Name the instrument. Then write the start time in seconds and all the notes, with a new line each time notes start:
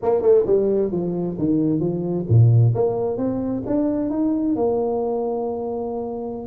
tuba
0.02 A#3
0.21 A3
0.46 G3
0.91 F3
1.38 D#3
1.80 F3
2.29 A#2
2.74 A#3
3.17 C4
3.66 D4
4.10 D#4
4.55 A#3